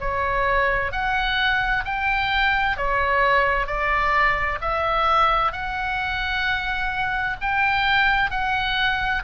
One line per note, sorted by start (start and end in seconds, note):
0.00 0.91 C#5
0.91 1.84 F#5
1.85 2.77 G5
2.77 3.66 C#5
3.66 4.58 D5
4.61 5.52 E5
5.52 7.36 F#5
7.41 8.30 G5
8.30 9.23 F#5